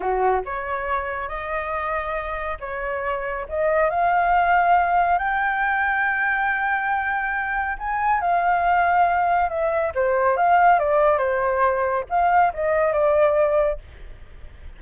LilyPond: \new Staff \with { instrumentName = "flute" } { \time 4/4 \tempo 4 = 139 fis'4 cis''2 dis''4~ | dis''2 cis''2 | dis''4 f''2. | g''1~ |
g''2 gis''4 f''4~ | f''2 e''4 c''4 | f''4 d''4 c''2 | f''4 dis''4 d''2 | }